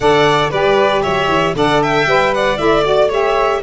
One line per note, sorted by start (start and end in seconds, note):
0.00 0.51 D3
0.00 0.51 A4
0.00 0.49 D5
0.00 0.49 F#5
0.49 1.04 G3
0.49 1.55 G4
0.49 1.01 B4
0.49 1.02 D5
1.02 1.27 F#3
1.02 1.54 C#5
1.02 1.54 E5
1.27 1.53 E3
1.54 2.05 D3
1.54 2.06 A4
1.54 1.82 D5
1.54 1.82 F#5
1.82 2.34 E5
1.82 2.33 G5
2.05 2.57 G3
2.05 2.57 B4
2.34 3.07 D5
2.34 2.57 F#5
2.57 3.62 A3
2.57 2.83 E4
2.57 2.83 E5
2.83 3.09 F#4
2.83 3.10 D5
3.07 3.62 G4
3.07 3.59 C#5
3.07 3.62 E5